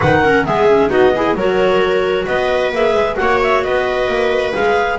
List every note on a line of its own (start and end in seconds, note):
0.00 0.47 D#3
0.00 0.24 D#4
0.00 0.22 B4
0.00 0.45 F#5
0.23 0.45 C#4
0.23 0.46 A#4
0.45 0.89 G#3
0.45 0.68 B3
0.45 0.90 G#4
0.45 0.90 E5
0.69 0.88 C#4
0.88 1.34 B3
0.88 1.11 D#4
0.88 1.13 F#4
0.88 1.36 D#5
1.14 1.37 E4
1.14 1.37 G#4
1.34 2.25 F#3
1.34 2.73 F#4
1.34 2.26 A#4
1.34 2.27 C#5
2.26 2.71 B3
2.26 3.16 B4
2.26 2.73 D#5
2.71 2.93 A#3
2.71 3.17 G#4
2.71 3.16 E5
2.93 3.16 G#3
3.16 3.65 A#3
3.16 4.53 F#4
3.16 3.64 C#5
3.16 3.38 F#5
3.42 3.62 E5
3.62 4.07 B3
3.62 4.98 B4
3.62 4.53 D#5
4.07 4.53 A#3
4.54 4.98 G#3
4.54 4.98 G#4
4.54 4.98 F5